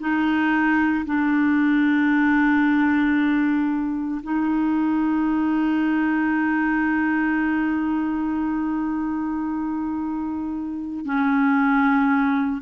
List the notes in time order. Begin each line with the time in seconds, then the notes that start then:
0.00 D#4
1.06 D4
4.23 D#4
11.06 C#4